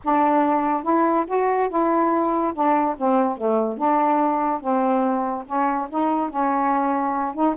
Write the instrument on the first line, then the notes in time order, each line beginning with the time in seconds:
saxophone
0.03 D4
0.83 E4
1.27 F#4
1.69 E4
2.53 D4
2.97 C4
3.37 A3
3.77 D4
4.60 C4
5.45 C#4
5.89 D#4
6.29 C#4
7.34 D#4